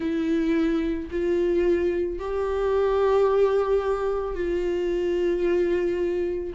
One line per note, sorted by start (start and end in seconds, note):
0.00 1.09 E4
1.11 2.19 F4
2.19 4.34 G4
4.34 6.53 F4